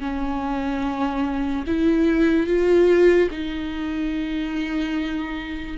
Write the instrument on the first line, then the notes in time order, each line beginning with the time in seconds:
viola
0.00 C#4
1.67 E4
2.47 F4
3.31 D#4